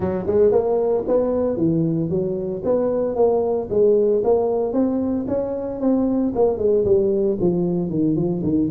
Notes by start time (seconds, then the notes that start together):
0.00 F#3
0.26 G#3
0.51 A#3
1.07 B3
1.56 E3
2.09 F#3
2.64 B3
3.15 A#3
3.70 G#3
4.24 A#3
4.72 C4
5.27 C#4
5.80 C4
6.35 A#3
6.58 G#3
6.84 G3
7.40 F3
7.89 D#3
8.16 F3
8.43 D#3